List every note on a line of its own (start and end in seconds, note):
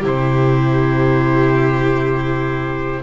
0.00 3.03 C3
0.00 3.03 E4
0.00 3.00 G4
0.07 3.03 C5